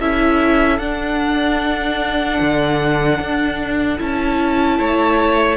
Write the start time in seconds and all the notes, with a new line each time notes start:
0.00 C#4 E4 A4 E5
0.79 D4 F#5
2.41 D3
3.20 D4
3.99 C#4 E4 A5
4.79 A3 C#5